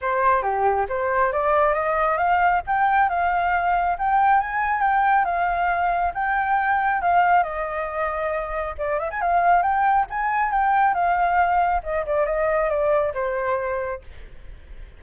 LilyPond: \new Staff \with { instrumentName = "flute" } { \time 4/4 \tempo 4 = 137 c''4 g'4 c''4 d''4 | dis''4 f''4 g''4 f''4~ | f''4 g''4 gis''4 g''4 | f''2 g''2 |
f''4 dis''2. | d''8 e''16 gis''16 f''4 g''4 gis''4 | g''4 f''2 dis''8 d''8 | dis''4 d''4 c''2 | }